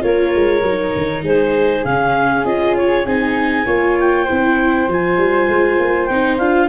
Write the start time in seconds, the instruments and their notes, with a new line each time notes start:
0.00 tuba A#3, viola F4, flute A#4, clarinet C#5
0.35 tuba G#3
0.61 tuba F#3, viola D#4
0.95 tuba D#3
1.23 tuba G#3, flute G#4, clarinet C5
1.84 tuba C#3, viola C#4, clarinet F5
2.44 tuba C#4, viola F4, clarinet D#5
2.76 clarinet C#5
3.05 tuba C4, viola D#4, clarinet G#5
3.65 tuba A#3, viola F4, flute C#5
3.99 clarinet G5
4.24 viola E4, flute C5
4.30 tuba C4
4.87 tuba F3, viola F4, clarinet G#5
5.17 tuba G3
5.48 tuba G#3
5.78 tuba A#3
6.05 tuba C4, viola D#4, clarinet G5
6.37 tuba D4, viola F4, clarinet F5